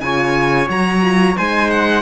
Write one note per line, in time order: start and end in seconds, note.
0.00 0.68 C#3
0.00 0.67 F4
0.00 1.37 C#5
0.00 0.67 G#5
0.67 1.36 F#3
0.67 1.01 F#4
0.67 1.37 A#5
1.02 1.35 F4
1.37 2.01 G#3
1.37 2.01 D#4
1.37 2.01 C5
1.37 1.70 G#5
1.70 2.01 F#5